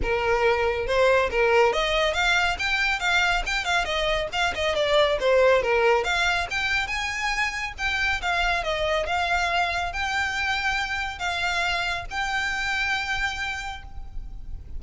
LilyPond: \new Staff \with { instrumentName = "violin" } { \time 4/4 \tempo 4 = 139 ais'2 c''4 ais'4 | dis''4 f''4 g''4 f''4 | g''8 f''8 dis''4 f''8 dis''8 d''4 | c''4 ais'4 f''4 g''4 |
gis''2 g''4 f''4 | dis''4 f''2 g''4~ | g''2 f''2 | g''1 | }